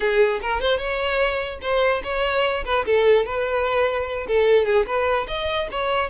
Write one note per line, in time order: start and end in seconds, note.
0.00 0.40 G#4
0.41 0.60 A#4
0.60 0.78 C5
0.78 1.59 C#5
1.61 2.02 C5
2.03 2.64 C#5
2.65 2.85 B4
2.85 3.25 A4
3.25 4.27 B4
4.27 4.65 A4
4.65 4.86 G#4
4.86 5.26 B4
5.27 5.68 D#5
5.71 6.09 C#5